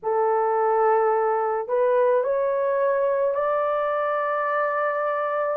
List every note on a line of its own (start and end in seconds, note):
0.03 1.68 A4
1.68 2.23 B4
2.23 3.34 C#5
3.34 5.56 D5